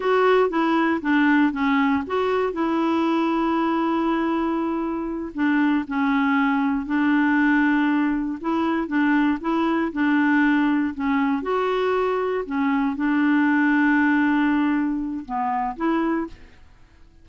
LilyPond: \new Staff \with { instrumentName = "clarinet" } { \time 4/4 \tempo 4 = 118 fis'4 e'4 d'4 cis'4 | fis'4 e'2.~ | e'2~ e'8 d'4 cis'8~ | cis'4. d'2~ d'8~ |
d'8 e'4 d'4 e'4 d'8~ | d'4. cis'4 fis'4.~ | fis'8 cis'4 d'2~ d'8~ | d'2 b4 e'4 | }